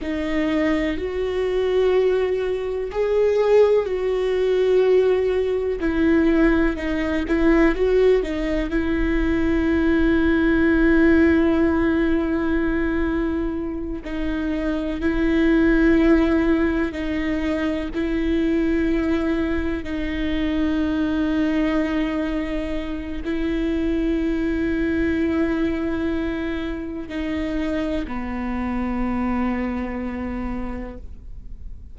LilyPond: \new Staff \with { instrumentName = "viola" } { \time 4/4 \tempo 4 = 62 dis'4 fis'2 gis'4 | fis'2 e'4 dis'8 e'8 | fis'8 dis'8 e'2.~ | e'2~ e'8 dis'4 e'8~ |
e'4. dis'4 e'4.~ | e'8 dis'2.~ dis'8 | e'1 | dis'4 b2. | }